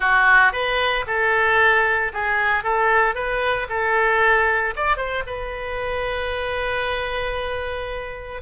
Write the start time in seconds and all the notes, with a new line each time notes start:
0.00 F#4
0.52 B4
1.06 A4
2.13 G#4
2.63 A4
3.14 B4
3.69 A4
4.76 D5
4.96 C5
5.26 B4